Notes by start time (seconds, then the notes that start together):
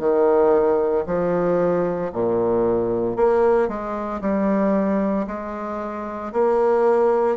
0.00 D#3
1.07 F3
2.13 A#2
3.17 A#3
3.68 G#3
4.22 G3
5.27 G#3
6.33 A#3